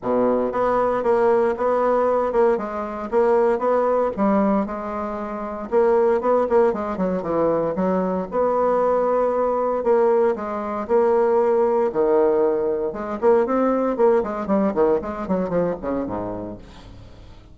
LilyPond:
\new Staff \with { instrumentName = "bassoon" } { \time 4/4 \tempo 4 = 116 b,4 b4 ais4 b4~ | b8 ais8 gis4 ais4 b4 | g4 gis2 ais4 | b8 ais8 gis8 fis8 e4 fis4 |
b2. ais4 | gis4 ais2 dis4~ | dis4 gis8 ais8 c'4 ais8 gis8 | g8 dis8 gis8 fis8 f8 cis8 gis,4 | }